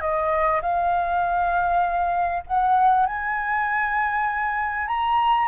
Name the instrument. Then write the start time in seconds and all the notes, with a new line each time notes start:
flute
0.00 D#5
0.61 F5
2.46 F#5
3.06 G#5
4.87 A#5